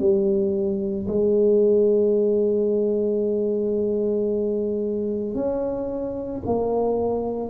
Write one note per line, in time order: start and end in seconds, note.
0.00 1.07 G3
1.08 5.35 G#3
5.35 6.42 C#4
6.46 7.50 A#3